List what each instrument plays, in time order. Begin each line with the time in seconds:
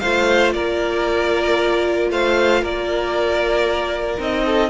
0.00 cello A3, viola F4, violin C5 F5
0.52 cello A#3, violin A#4 D5
2.11 cello A3, violin C5 F5
2.62 cello A#3, violin A#4 D5
4.19 cello C4, viola D#4, violin D#5
4.46 violin A4